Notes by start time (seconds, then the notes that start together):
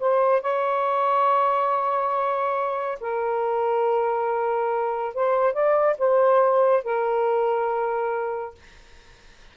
0.00 C5
0.42 C#5
3.01 A#4
5.15 C5
5.53 D5
5.99 C5
6.84 A#4